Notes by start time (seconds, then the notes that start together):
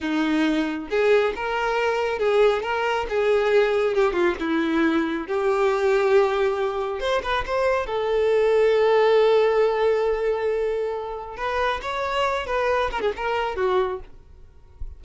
0.00 D#4
0.90 G#4
1.35 A#4
2.19 G#4
2.62 A#4
3.09 G#4
3.94 G4
4.12 F4
4.39 E4
5.27 G4
7.00 C5
7.22 B4
7.46 C5
7.86 A4
11.36 B4
11.82 C#5
12.46 B4
12.91 A#4
13.01 G#4
13.16 A#4
13.56 F#4